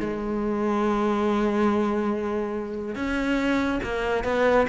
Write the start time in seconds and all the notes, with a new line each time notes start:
0.00 G#3
2.95 C#4
3.83 A#3
4.24 B3